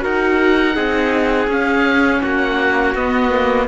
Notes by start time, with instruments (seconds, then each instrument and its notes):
0.00 cello D#4, viola F#4, trumpet A#4, oboe F#5
0.75 cello C4, viola D#4, trumpet G#4
1.48 cello C#4, viola C#4, oboe F5
2.21 cello A#3, trumpet F#4, oboe F#5
2.95 cello B3, viola B3, oboe D#5
3.32 viola A#3